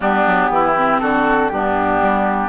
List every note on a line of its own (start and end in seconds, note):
0.00 0.26 G3
0.00 0.74 B3
0.00 0.50 D4
0.00 1.00 G4
0.26 0.49 F#3
0.49 0.99 E3
0.49 1.01 E4
0.76 1.52 C4
1.00 1.51 D3
1.00 1.51 F#4
1.00 1.49 A4
1.49 2.01 G2
1.49 2.48 B3
1.49 2.48 D4
1.49 2.48 G4
2.01 2.48 G3